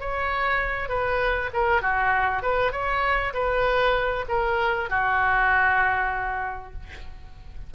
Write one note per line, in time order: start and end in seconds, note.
0.00 0.89 C#5
0.89 1.50 B4
1.53 1.82 A#4
1.82 2.42 F#4
2.42 2.72 B4
2.72 3.33 C#5
3.34 4.26 B4
4.29 4.90 A#4
4.90 6.73 F#4